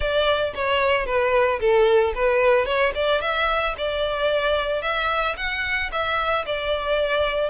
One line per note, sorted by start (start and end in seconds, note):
0.00 0.53 D5
0.54 1.06 C#5
1.06 1.59 B4
1.59 2.13 A4
2.15 2.65 B4
2.65 2.92 C#5
2.94 3.21 D5
3.21 3.74 E5
3.77 4.82 D5
4.82 5.35 E5
5.36 5.90 F#5
5.91 6.45 E5
6.46 7.49 D5